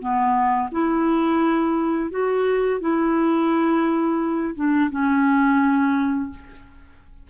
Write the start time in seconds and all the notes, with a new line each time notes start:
0.00 B3
0.72 E4
2.11 F#4
2.81 E4
4.56 D4
4.91 C#4